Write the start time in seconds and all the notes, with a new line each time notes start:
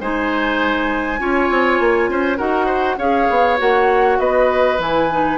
0.00 G#3 D#4 C5 G#5
1.18 C#4 F4 C#5
1.50 C4
1.80 A#3
2.08 C#4 C5
2.37 D#4 F#4 A#4 F#5
2.66 C5
2.97 C#4 G#4 C#5 F5
3.30 B3
3.57 A#3 F#4 F#5
4.18 B3 B4 D#5
4.78 E3 E4 G#5
5.10 D#4